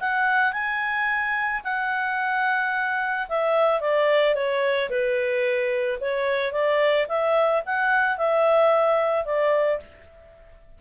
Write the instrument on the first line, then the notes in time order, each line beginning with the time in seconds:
clarinet
0.00 F#5
0.53 G#5
1.64 F#5
3.29 E5
3.81 D5
4.35 C#5
4.90 B4
6.01 C#5
6.52 D5
7.08 E5
7.66 F#5
8.18 E5
9.25 D5